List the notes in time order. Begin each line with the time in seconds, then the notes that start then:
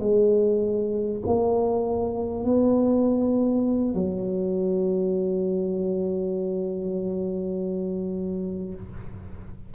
0.00 G#3
1.27 A#3
2.45 B3
3.95 F#3